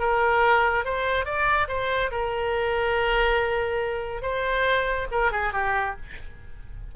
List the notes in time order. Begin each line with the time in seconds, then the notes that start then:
0.00 A#4
0.85 C5
1.26 D5
1.69 C5
2.12 A#4
4.23 C5
5.12 A#4
5.32 G#4
5.53 G4